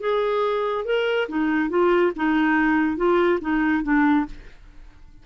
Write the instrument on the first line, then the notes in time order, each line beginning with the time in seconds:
clarinet
0.00 G#4
0.85 A#4
1.28 D#4
1.69 F4
2.16 D#4
2.97 F4
3.41 D#4
3.83 D4